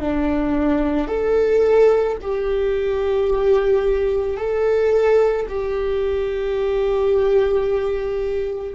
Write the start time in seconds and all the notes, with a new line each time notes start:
0.00 D4
1.08 A4
2.21 G4
4.37 A4
5.48 G4